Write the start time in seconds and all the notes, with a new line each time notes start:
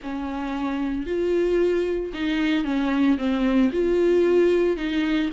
0.02 C#4
1.06 F4
2.13 D#4
2.64 C#4
3.18 C4
3.72 F4
4.76 D#4